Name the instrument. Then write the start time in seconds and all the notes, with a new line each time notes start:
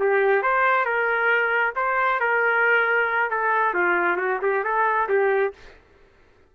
trumpet
0.00 G4
0.43 C5
0.86 A#4
1.76 C5
2.21 A#4
3.31 A4
3.75 F4
4.18 F#4
4.42 G4
4.64 A4
5.09 G4